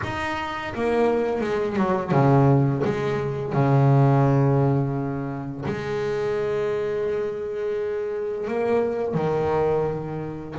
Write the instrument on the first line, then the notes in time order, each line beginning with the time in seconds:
double bass
0.03 D#4
0.74 A#3
1.41 G#3
1.76 F#3
2.11 C#3
2.84 G#3
3.53 C#3
5.65 G#3
8.47 A#3
9.13 D#3